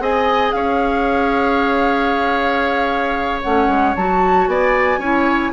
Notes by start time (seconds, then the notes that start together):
0.00 C4 G#4 D#5 G#5
0.52 C#4 C#5 F5
3.42 A3 C#4 F#5
3.68 G#3
3.96 F#3 F#4 A5
4.47 B3 D5 G#5
4.98 C#4 E4 C#5